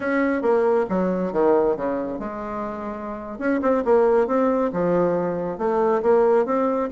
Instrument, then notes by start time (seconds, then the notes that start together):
bassoon
0.00 C#4
0.42 A#3
0.89 F#3
1.32 D#3
1.76 C#3
2.19 G#3
3.38 C#4
3.62 C4
3.84 A#3
4.27 C4
4.72 F3
5.58 A3
6.02 A#3
6.45 C4